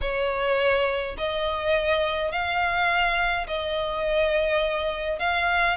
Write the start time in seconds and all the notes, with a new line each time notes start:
0.01 C#5
1.17 D#5
2.31 F5
3.47 D#5
5.19 F5